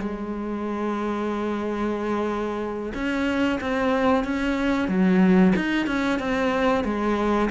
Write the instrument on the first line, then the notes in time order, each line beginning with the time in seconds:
cello
0.00 G#3
2.95 C#4
3.61 C4
4.25 C#4
4.89 F#3
5.56 D#4
5.87 C#4
6.20 C4
6.85 G#3